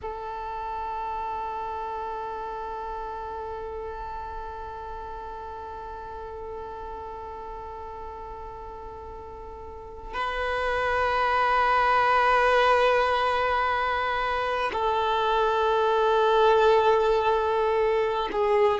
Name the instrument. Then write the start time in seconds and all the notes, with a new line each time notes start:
violin
0.02 A4
10.13 B4
14.72 A4
18.31 G#4